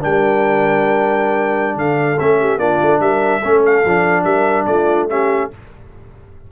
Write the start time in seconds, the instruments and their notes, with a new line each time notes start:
0.00 tuba G3, trombone D4, horn A#4, trumpet G5
1.75 tuba D3, horn A4, trumpet F5
2.19 tuba A3, trombone C#4, trumpet E5
2.40 horn G4
2.57 tuba A#3, trombone D4, horn F4, trumpet D5
2.82 tuba A3
3.00 tuba G3, horn A#4, trumpet E5
3.40 tuba A3, trombone C#4, horn A4
3.65 trumpet F5
3.85 tuba F3, trombone D4
4.24 tuba G3, horn A#4, trumpet E5
4.66 tuba A3, horn F4, trumpet D5
5.09 trombone C#4, horn G4, trumpet E5